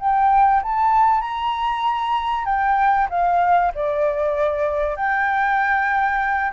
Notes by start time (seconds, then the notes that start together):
0.00 G5
0.63 A5
1.22 A#5
2.46 G5
3.10 F5
3.75 D5
4.97 G5